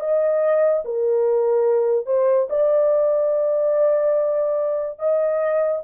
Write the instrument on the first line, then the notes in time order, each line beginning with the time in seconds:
horn
0.00 D#5
0.85 A#4
2.06 C5
2.50 D5
4.99 D#5